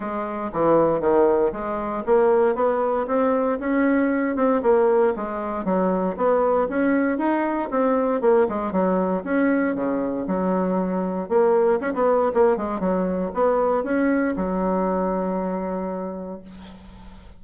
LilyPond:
\new Staff \with { instrumentName = "bassoon" } { \time 4/4 \tempo 4 = 117 gis4 e4 dis4 gis4 | ais4 b4 c'4 cis'4~ | cis'8 c'8 ais4 gis4 fis4 | b4 cis'4 dis'4 c'4 |
ais8 gis8 fis4 cis'4 cis4 | fis2 ais4 cis'16 b8. | ais8 gis8 fis4 b4 cis'4 | fis1 | }